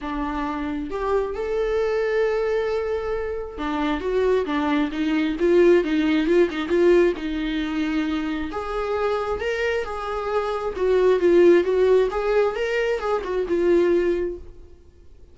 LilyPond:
\new Staff \with { instrumentName = "viola" } { \time 4/4 \tempo 4 = 134 d'2 g'4 a'4~ | a'1 | d'4 fis'4 d'4 dis'4 | f'4 dis'4 f'8 dis'8 f'4 |
dis'2. gis'4~ | gis'4 ais'4 gis'2 | fis'4 f'4 fis'4 gis'4 | ais'4 gis'8 fis'8 f'2 | }